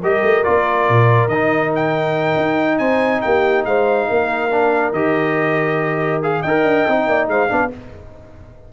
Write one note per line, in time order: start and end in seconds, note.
0.00 0.23 G3
0.00 0.44 G4
0.00 2.79 A#4
0.00 0.44 D#5
0.23 0.44 A3
0.44 0.89 A#3
0.44 1.30 F4
0.44 1.28 D5
0.89 1.28 A#2
1.28 2.35 D#3
1.28 4.51 D#4
1.28 1.71 D#5
1.76 2.78 G5
2.36 2.79 D#4
2.78 3.22 C4
2.78 3.22 C5
2.78 3.21 G#5
3.22 3.66 A#3
3.22 3.67 G4
3.22 3.65 G5
3.65 4.08 G#3
3.65 4.08 C5
3.65 4.93 F5
4.08 4.92 A#3
4.08 6.42 A#4
4.51 4.94 D4
4.92 6.42 D#3
4.92 6.23 G4
4.92 6.22 D#5
6.23 6.44 G#4
6.23 6.43 F5
6.42 6.64 D#4
6.42 6.89 A#4
6.42 7.06 D#5
6.42 7.28 G5
6.64 6.85 D4
6.88 7.07 C4
6.88 7.49 D#4
7.07 7.28 A#3
7.07 7.30 D5
7.28 7.49 G#3
7.28 7.50 C5
7.28 7.72 F5
7.49 7.73 B3
7.49 7.71 D4
7.49 7.72 D5